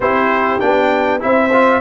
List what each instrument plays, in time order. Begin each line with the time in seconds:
0.00 tuba C4, trombone E4, horn G4, trumpet C5
0.59 tuba B3, trombone D4, trumpet G5
1.19 tuba C4, trombone E4, horn C5, trumpet E5
1.52 trombone F4